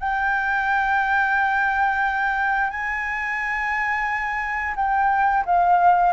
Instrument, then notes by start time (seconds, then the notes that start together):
flute
0.00 G5
2.71 G#5
4.76 G5
5.46 F5